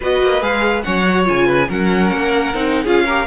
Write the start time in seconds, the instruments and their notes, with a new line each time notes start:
0.00 cello B3, viola F#4, violin B4 D#5
0.21 cello A#3
0.40 cello G#3, viola G#4, violin F5
0.82 cello F#3, viola C#4, violin C#5 F#5
1.07 viola F#4
1.24 cello C#3, viola F4, violin G#5
1.46 violin B4
1.68 cello F#3, viola C#4, violin A#4 F#5
2.11 cello A#3
2.53 cello C4, viola D#4
2.82 cello C#4, viola F4, violin G#4 F5
3.05 viola G4, violin A#4